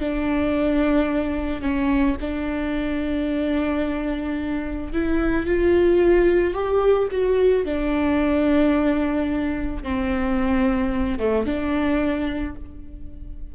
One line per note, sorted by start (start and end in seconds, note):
0.00 1.62 D4
1.62 2.16 C#4
2.21 4.93 D4
4.93 5.46 E4
5.46 6.54 F4
6.54 7.08 G4
7.11 7.65 F#4
7.65 9.83 D4
9.83 11.19 C4
11.19 11.46 A3
11.46 12.55 D4